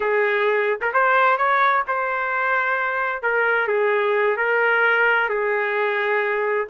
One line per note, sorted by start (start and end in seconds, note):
0.00 0.79 G#4
0.81 0.92 A#4
0.93 1.37 C5
1.37 1.83 C#5
1.87 3.22 C5
3.22 3.67 A#4
3.67 4.36 G#4
4.36 5.29 A#4
5.29 6.67 G#4